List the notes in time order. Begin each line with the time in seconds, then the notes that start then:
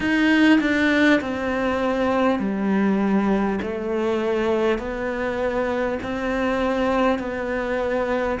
0.00 D#4
0.60 D4
1.20 C4
2.39 G3
3.62 A3
4.78 B3
6.02 C4
7.18 B3